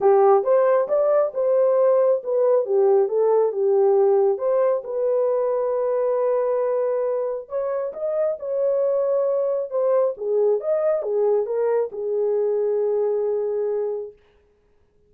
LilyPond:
\new Staff \with { instrumentName = "horn" } { \time 4/4 \tempo 4 = 136 g'4 c''4 d''4 c''4~ | c''4 b'4 g'4 a'4 | g'2 c''4 b'4~ | b'1~ |
b'4 cis''4 dis''4 cis''4~ | cis''2 c''4 gis'4 | dis''4 gis'4 ais'4 gis'4~ | gis'1 | }